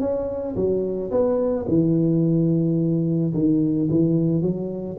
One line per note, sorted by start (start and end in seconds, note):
0.00 0.55 C#4
0.56 1.11 F#3
1.11 1.66 B3
1.68 3.33 E3
3.34 3.89 D#3
3.90 4.42 E3
4.42 4.97 F#3